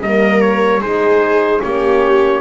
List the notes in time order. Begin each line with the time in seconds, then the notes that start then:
0.00 G3 A#3 A#4 D#5
0.41 C#5
0.80 G#3 D#4 G#4 C5
1.62 A#3 C#4 G4 C#5